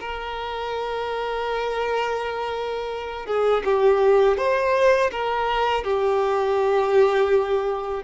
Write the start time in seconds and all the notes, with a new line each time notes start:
0.00 A#4
3.26 G#4
3.64 G4
4.37 C5
5.11 A#4
5.83 G4